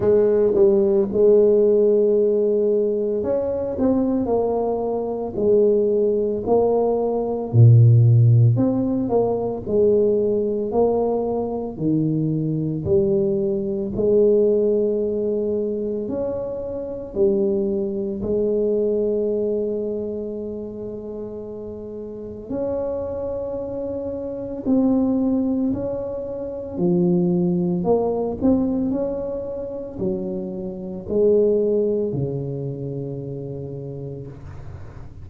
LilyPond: \new Staff \with { instrumentName = "tuba" } { \time 4/4 \tempo 4 = 56 gis8 g8 gis2 cis'8 c'8 | ais4 gis4 ais4 ais,4 | c'8 ais8 gis4 ais4 dis4 | g4 gis2 cis'4 |
g4 gis2.~ | gis4 cis'2 c'4 | cis'4 f4 ais8 c'8 cis'4 | fis4 gis4 cis2 | }